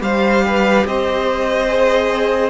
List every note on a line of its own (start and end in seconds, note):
0.00 0.84 G3
0.00 1.67 G4
0.00 0.45 C5
0.00 0.86 F5
0.47 0.87 B4
0.85 2.50 C4
0.85 2.50 C5
0.85 2.50 D#5
1.68 2.50 G#4